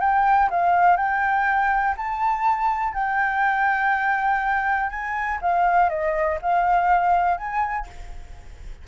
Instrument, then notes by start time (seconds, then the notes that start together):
flute
0.00 G5
0.50 F5
0.96 G5
1.97 A5
2.94 G5
4.90 G#5
5.41 F5
5.89 D#5
6.42 F5
7.37 G#5